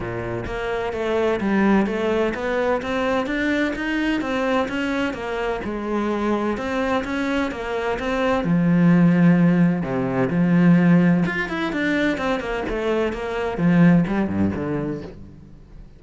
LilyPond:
\new Staff \with { instrumentName = "cello" } { \time 4/4 \tempo 4 = 128 ais,4 ais4 a4 g4 | a4 b4 c'4 d'4 | dis'4 c'4 cis'4 ais4 | gis2 c'4 cis'4 |
ais4 c'4 f2~ | f4 c4 f2 | f'8 e'8 d'4 c'8 ais8 a4 | ais4 f4 g8 g,8 d4 | }